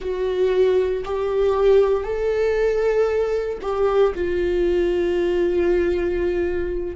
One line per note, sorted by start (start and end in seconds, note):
0.00 1.03 F#4
1.04 2.03 G4
2.03 3.58 A4
3.61 4.13 G4
4.14 6.95 F4